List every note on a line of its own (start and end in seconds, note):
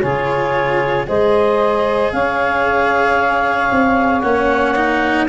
0.00 1.09 C#3
0.00 1.07 F4
0.00 1.05 G#4
0.00 1.05 C#5
1.07 2.13 G#3
1.07 4.23 G#4
1.07 2.13 C5
1.07 2.12 D#5
2.12 3.71 C#4
2.12 5.28 C#5
2.12 4.20 F5
3.71 4.23 C4
4.20 5.28 A#3
4.20 4.75 C#4
4.20 5.26 F#5
4.75 5.28 D#4